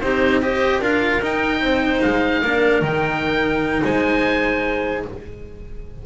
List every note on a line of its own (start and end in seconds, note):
0.00 0.81 C4
0.00 0.42 D#4
0.00 0.43 G4
0.00 0.40 C5
0.42 0.82 G4
0.42 0.80 C5
0.42 0.82 D#5
0.80 1.21 D4
0.80 1.22 F4
0.80 1.61 A#4
0.80 1.23 F5
1.22 2.43 D#4
1.22 1.61 D#4
1.22 2.02 G5
1.61 2.01 C4
1.61 2.42 C5
2.02 2.43 G#3
2.02 2.83 F5
2.42 2.82 A#3
2.42 2.83 D4
2.42 3.83 A#4
2.82 3.82 D#3
2.82 5.04 D#4
2.82 3.85 G5
3.83 5.05 G#3
3.83 5.04 C5
3.83 5.06 G#5